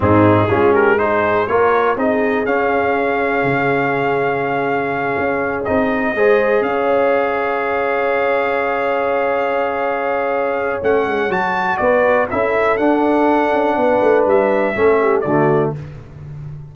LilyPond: <<
  \new Staff \with { instrumentName = "trumpet" } { \time 4/4 \tempo 4 = 122 gis'4. ais'8 c''4 cis''4 | dis''4 f''2.~ | f''2.~ f''8 dis''8~ | dis''4. f''2~ f''8~ |
f''1~ | f''2 fis''4 a''4 | d''4 e''4 fis''2~ | fis''4 e''2 d''4 | }
  \new Staff \with { instrumentName = "horn" } { \time 4/4 dis'4 f'8 g'8 gis'4 ais'4 | gis'1~ | gis'1~ | gis'8 c''4 cis''2~ cis''8~ |
cis''1~ | cis''1 | b'4 a'2. | b'2 a'8 g'8 fis'4 | }
  \new Staff \with { instrumentName = "trombone" } { \time 4/4 c'4 cis'4 dis'4 f'4 | dis'4 cis'2.~ | cis'2.~ cis'8 dis'8~ | dis'8 gis'2.~ gis'8~ |
gis'1~ | gis'2 cis'4 fis'4~ | fis'4 e'4 d'2~ | d'2 cis'4 a4 | }
  \new Staff \with { instrumentName = "tuba" } { \time 4/4 gis,4 gis2 ais4 | c'4 cis'2 cis4~ | cis2~ cis8 cis'4 c'8~ | c'8 gis4 cis'2~ cis'8~ |
cis'1~ | cis'2 a8 gis8 fis4 | b4 cis'4 d'4. cis'8 | b8 a8 g4 a4 d4 | }
>>